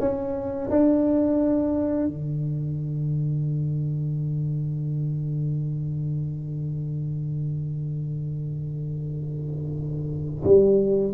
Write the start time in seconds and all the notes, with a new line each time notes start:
0.00 C#4
0.70 D4
2.07 D3
10.45 G3